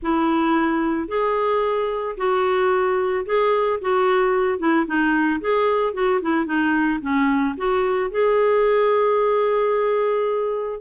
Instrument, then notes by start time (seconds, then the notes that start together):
clarinet
0.02 E4
1.07 G#4
2.17 F#4
3.25 G#4
3.81 F#4
4.58 E4
4.86 D#4
5.40 G#4
5.93 F#4
6.21 E4
6.45 D#4
7.01 C#4
7.57 F#4
8.11 G#4